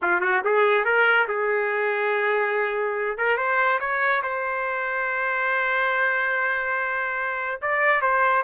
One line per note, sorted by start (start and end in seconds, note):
0.02 0.21 F4
0.21 0.42 F#4
0.44 0.85 G#4
0.85 1.27 A#4
1.28 3.17 G#4
3.17 3.37 A#4
3.37 3.79 C5
3.80 4.22 C#5
4.23 7.61 C5
7.61 8.01 D5
8.01 8.43 C5